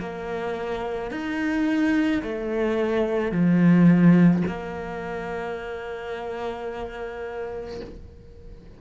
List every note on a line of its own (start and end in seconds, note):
0.00 1.11 A#3
1.11 2.22 D#4
2.23 3.32 A3
3.32 4.43 F3
4.47 7.81 A#3